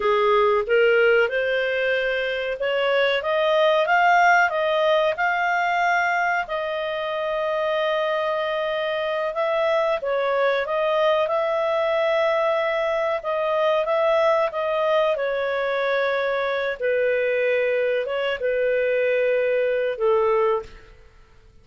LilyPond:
\new Staff \with { instrumentName = "clarinet" } { \time 4/4 \tempo 4 = 93 gis'4 ais'4 c''2 | cis''4 dis''4 f''4 dis''4 | f''2 dis''2~ | dis''2~ dis''8 e''4 cis''8~ |
cis''8 dis''4 e''2~ e''8~ | e''8 dis''4 e''4 dis''4 cis''8~ | cis''2 b'2 | cis''8 b'2~ b'8 a'4 | }